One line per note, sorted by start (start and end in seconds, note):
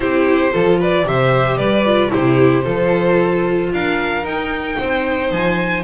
0.00 0.53 C4
0.00 0.51 E4
0.00 0.52 G4
0.00 0.79 C5
0.51 1.05 F3
0.51 1.04 F4
0.51 0.78 A4
0.79 1.05 B4
0.79 1.07 D5
1.05 1.56 C3
1.05 1.85 G4
1.05 1.57 C5
1.05 1.57 E5
1.56 2.09 G3
1.56 2.10 B4
1.56 2.10 D5
1.85 2.10 F4
2.10 2.66 C3
2.10 2.63 E4
2.10 2.64 G4
2.10 3.72 C5
2.64 3.72 F3
2.64 4.23 F4
2.64 3.70 A4
3.72 4.23 D4
3.72 4.79 A#4
3.72 4.25 F5
4.23 4.76 D#4
4.23 5.83 D#4
4.23 5.32 G5
4.79 5.31 C4
4.79 5.83 C5
5.31 5.83 F3
5.31 5.83 G#5